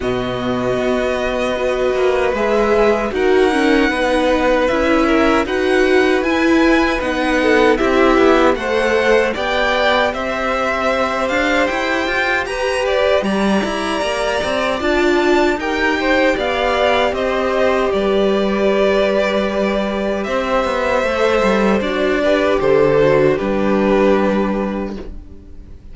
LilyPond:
<<
  \new Staff \with { instrumentName = "violin" } { \time 4/4 \tempo 4 = 77 dis''2. e''4 | fis''2 e''4 fis''4 | gis''4 fis''4 e''4 fis''4 | g''4 e''4. f''8 g''4 |
ais''8 d''8 ais''2 a''4 | g''4 f''4 dis''4 d''4~ | d''2 e''2 | d''4 c''4 b'2 | }
  \new Staff \with { instrumentName = "violin" } { \time 4/4 fis'2 b'2 | ais'4 b'4. ais'8 b'4~ | b'4. a'8 g'4 c''4 | d''4 c''2. |
b'4 d''2. | ais'8 c''8 d''4 c''4 b'4~ | b'2 c''2~ | c''8 b'8 a'4 g'2 | }
  \new Staff \with { instrumentName = "viola" } { \time 4/4 b2 fis'4 gis'4 | fis'8 cis'8 dis'4 e'4 fis'4 | e'4 dis'4 e'4 a'4 | g'1~ |
g'2. f'4 | g'1~ | g'2. a'4 | fis'8 g'4 fis'8 d'2 | }
  \new Staff \with { instrumentName = "cello" } { \time 4/4 b,4 b4. ais8 gis4 | dis'4 b4 cis'4 dis'4 | e'4 b4 c'8 b8 a4 | b4 c'4. d'8 e'8 f'8 |
g'4 g8 e'8 ais8 c'8 d'4 | dis'4 b4 c'4 g4~ | g2 c'8 b8 a8 g8 | d'4 d4 g2 | }
>>